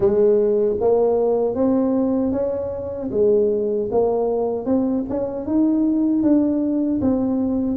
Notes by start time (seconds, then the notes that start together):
0.00 G#3
0.80 A#3
1.54 C4
2.32 C#4
3.11 G#3
3.91 A#3
4.65 C4
5.09 C#4
5.45 D#4
6.22 D4
7.01 C4